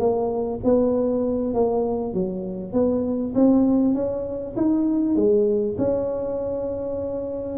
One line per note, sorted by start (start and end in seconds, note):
0.00 0.61 A#3
0.64 1.55 B3
1.55 2.14 A#3
2.14 2.73 F#3
2.73 3.34 B3
3.35 3.95 C4
3.95 4.55 C#4
4.57 5.16 D#4
5.16 5.77 G#3
5.78 7.59 C#4